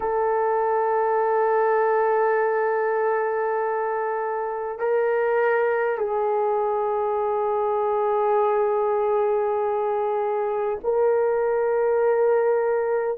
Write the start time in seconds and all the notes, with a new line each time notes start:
0.00 A4
4.78 A#4
5.98 G#4
10.83 A#4